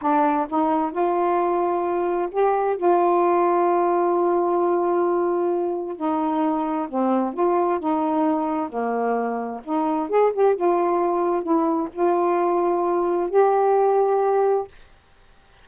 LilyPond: \new Staff \with { instrumentName = "saxophone" } { \time 4/4 \tempo 4 = 131 d'4 dis'4 f'2~ | f'4 g'4 f'2~ | f'1~ | f'4 dis'2 c'4 |
f'4 dis'2 ais4~ | ais4 dis'4 gis'8 g'8 f'4~ | f'4 e'4 f'2~ | f'4 g'2. | }